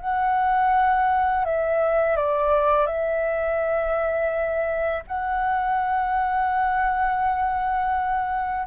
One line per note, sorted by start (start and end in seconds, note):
0.00 1.45 F#5
1.45 2.16 E5
2.16 2.86 D5
2.86 5.03 E5
5.07 8.66 F#5